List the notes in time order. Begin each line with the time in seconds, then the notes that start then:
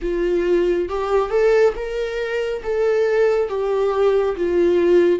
0.01 F4
0.88 G4
1.30 A4
1.75 A#4
2.63 A4
3.48 G4
4.36 F4